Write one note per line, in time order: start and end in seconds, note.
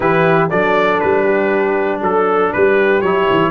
0.00 0.50 E3
0.00 0.50 E4
0.00 0.50 G4
0.00 0.49 B4
0.49 1.01 F#3
0.49 3.02 D4
0.49 1.24 A4
0.49 1.00 D5
1.00 2.01 G3
1.00 2.00 B4
1.24 2.00 G4
2.01 2.51 F#3
2.01 2.52 A4
2.01 2.53 A4
2.53 3.01 G3
2.53 3.51 G4
2.53 3.01 B4
3.01 3.27 F#3
3.01 3.51 E4
3.01 3.51 C#5
3.30 3.51 E3